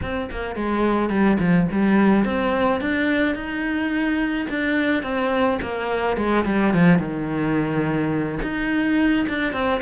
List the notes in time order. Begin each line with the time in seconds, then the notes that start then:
0.02 C4
0.30 A#3
0.55 G#3
1.09 G3
1.39 F3
1.71 G3
2.25 C4
2.80 D4
3.35 D#4
4.49 D4
5.02 C4
5.62 A#3
6.16 G#3
6.45 G3
6.73 F3
6.98 D#3
8.42 D#4
9.28 D4
9.53 C4